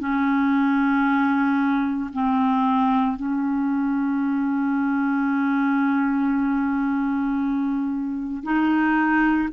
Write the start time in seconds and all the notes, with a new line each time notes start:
0.00 C#4
2.13 C4
3.17 C#4
8.44 D#4